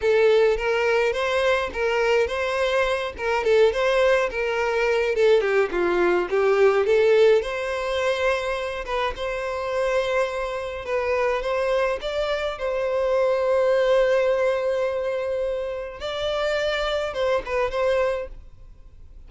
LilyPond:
\new Staff \with { instrumentName = "violin" } { \time 4/4 \tempo 4 = 105 a'4 ais'4 c''4 ais'4 | c''4. ais'8 a'8 c''4 ais'8~ | ais'4 a'8 g'8 f'4 g'4 | a'4 c''2~ c''8 b'8 |
c''2. b'4 | c''4 d''4 c''2~ | c''1 | d''2 c''8 b'8 c''4 | }